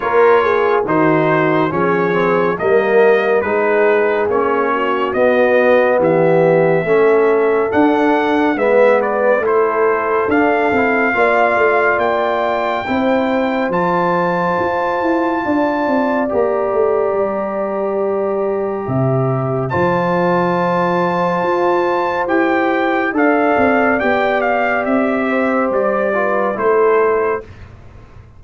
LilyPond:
<<
  \new Staff \with { instrumentName = "trumpet" } { \time 4/4 \tempo 4 = 70 cis''4 c''4 cis''4 dis''4 | b'4 cis''4 dis''4 e''4~ | e''4 fis''4 e''8 d''8 c''4 | f''2 g''2 |
a''2. ais''4~ | ais''2. a''4~ | a''2 g''4 f''4 | g''8 f''8 e''4 d''4 c''4 | }
  \new Staff \with { instrumentName = "horn" } { \time 4/4 ais'8 gis'8 fis'4 gis'4 ais'4 | gis'4. fis'4. g'4 | a'2 b'4 a'4~ | a'4 d''2 c''4~ |
c''2 d''2~ | d''2 e''4 c''4~ | c''2. d''4~ | d''4. c''4 b'8 a'4 | }
  \new Staff \with { instrumentName = "trombone" } { \time 4/4 f'4 dis'4 cis'8 c'8 ais4 | dis'4 cis'4 b2 | cis'4 d'4 b4 e'4 | d'8 e'8 f'2 e'4 |
f'2. g'4~ | g'2. f'4~ | f'2 g'4 a'4 | g'2~ g'8 f'8 e'4 | }
  \new Staff \with { instrumentName = "tuba" } { \time 4/4 ais4 dis4 f4 g4 | gis4 ais4 b4 e4 | a4 d'4 gis4 a4 | d'8 c'8 ais8 a8 ais4 c'4 |
f4 f'8 e'8 d'8 c'8 ais8 a8 | g2 c4 f4~ | f4 f'4 e'4 d'8 c'8 | b4 c'4 g4 a4 | }
>>